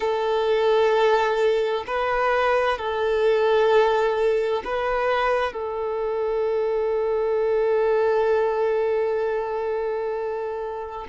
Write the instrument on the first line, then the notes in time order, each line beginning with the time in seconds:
violin
0.00 A4
1.86 B4
2.78 A4
4.64 B4
5.53 A4